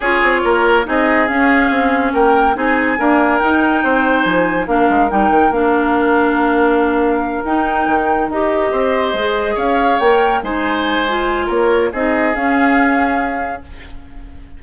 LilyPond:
<<
  \new Staff \with { instrumentName = "flute" } { \time 4/4 \tempo 4 = 141 cis''2 dis''4 f''4~ | f''4 g''4 gis''2 | g''2 gis''4 f''4 | g''4 f''2.~ |
f''4. g''2 dis''8~ | dis''2~ dis''8 f''4 g''8~ | g''8 gis''2~ gis''8 cis''4 | dis''4 f''2. | }
  \new Staff \with { instrumentName = "oboe" } { \time 4/4 gis'4 ais'4 gis'2~ | gis'4 ais'4 gis'4 ais'4~ | ais'4 c''2 ais'4~ | ais'1~ |
ais'1~ | ais'8 c''2 cis''4.~ | cis''8 c''2~ c''8 ais'4 | gis'1 | }
  \new Staff \with { instrumentName = "clarinet" } { \time 4/4 f'2 dis'4 cis'4~ | cis'2 dis'4 ais4 | dis'2. d'4 | dis'4 d'2.~ |
d'4. dis'2 g'8~ | g'4. gis'2 ais'8~ | ais'8 dis'4. f'2 | dis'4 cis'2. | }
  \new Staff \with { instrumentName = "bassoon" } { \time 4/4 cis'8 c'8 ais4 c'4 cis'4 | c'4 ais4 c'4 d'4 | dis'4 c'4 f4 ais8 gis8 | g8 dis8 ais2.~ |
ais4. dis'4 dis4 dis'8~ | dis'8 c'4 gis4 cis'4 ais8~ | ais8 gis2~ gis8 ais4 | c'4 cis'2. | }
>>